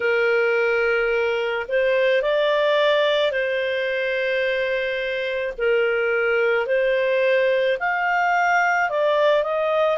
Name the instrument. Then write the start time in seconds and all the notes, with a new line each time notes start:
clarinet
0.00 A#4
1.68 C5
2.22 D5
3.31 C5
5.58 A#4
6.66 C5
7.79 F5
8.89 D5
9.43 D#5